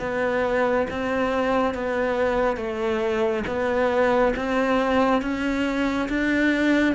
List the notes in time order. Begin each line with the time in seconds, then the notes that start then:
0.00 B3
0.91 C4
1.75 B3
2.57 A3
3.47 B3
4.37 C4
5.22 C#4
6.09 D4